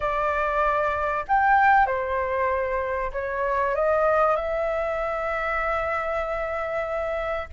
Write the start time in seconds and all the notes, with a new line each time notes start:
0.00 D5
1.28 G5
1.86 C5
3.12 C#5
3.75 D#5
4.36 E5